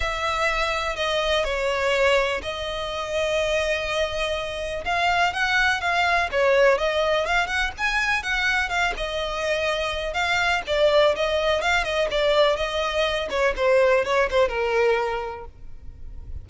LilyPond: \new Staff \with { instrumentName = "violin" } { \time 4/4 \tempo 4 = 124 e''2 dis''4 cis''4~ | cis''4 dis''2.~ | dis''2 f''4 fis''4 | f''4 cis''4 dis''4 f''8 fis''8 |
gis''4 fis''4 f''8 dis''4.~ | dis''4 f''4 d''4 dis''4 | f''8 dis''8 d''4 dis''4. cis''8 | c''4 cis''8 c''8 ais'2 | }